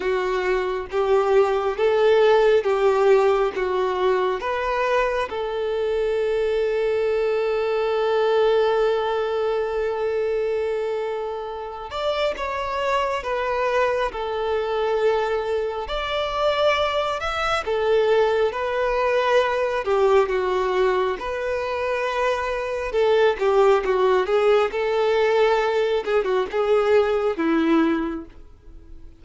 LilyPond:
\new Staff \with { instrumentName = "violin" } { \time 4/4 \tempo 4 = 68 fis'4 g'4 a'4 g'4 | fis'4 b'4 a'2~ | a'1~ | a'4. d''8 cis''4 b'4 |
a'2 d''4. e''8 | a'4 b'4. g'8 fis'4 | b'2 a'8 g'8 fis'8 gis'8 | a'4. gis'16 fis'16 gis'4 e'4 | }